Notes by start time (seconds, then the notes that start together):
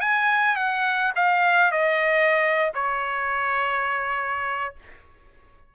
0.00 G#5
0.56 F#5
1.16 F5
1.71 D#5
2.74 C#5